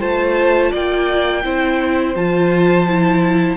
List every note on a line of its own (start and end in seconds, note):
0.00 0.73 A3
0.00 1.43 F4
0.00 0.71 C5
0.00 0.73 A5
0.72 1.45 A#3
0.72 1.43 D5
0.72 2.16 G5
1.44 2.16 C4
1.44 2.15 E4
1.44 3.58 C5
2.16 3.58 F3
2.16 2.87 F4
2.16 3.58 A5
2.89 3.58 E4